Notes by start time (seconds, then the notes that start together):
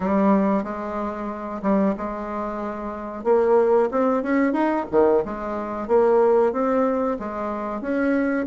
0.00 G3
0.63 G#3
1.62 G3
1.97 G#3
3.23 A#3
3.91 C4
4.22 C#4
4.52 D#4
4.91 D#3
5.24 G#3
5.87 A#3
6.52 C4
7.19 G#3
7.81 C#4